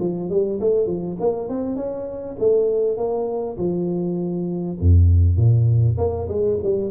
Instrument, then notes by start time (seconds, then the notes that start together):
tuba
0.00 F3
0.30 G3
0.61 A3
0.87 F3
1.21 A#3
1.49 C4
1.77 C#4
2.40 A3
2.98 A#3
3.58 F3
4.81 F2
5.37 A#2
5.98 A#3
6.29 G#3
6.64 G3